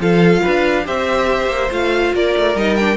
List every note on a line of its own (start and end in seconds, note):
0.00 0.43 F3
0.00 0.84 F4
0.00 0.42 A4
0.00 0.87 F5
0.42 0.87 D4
0.42 0.85 B4
0.84 1.49 C4
0.84 1.69 G4
0.84 2.14 C5
0.84 1.72 E5
1.49 1.70 A#3
1.71 2.14 A3
1.71 2.56 F4
1.71 2.15 F5
2.14 2.35 A#3
2.14 2.97 A#4
2.14 2.57 D5
2.37 2.55 A3
2.55 2.97 G3
2.55 2.79 D#4
2.55 2.77 D#5
2.77 2.97 D4
2.77 2.97 G5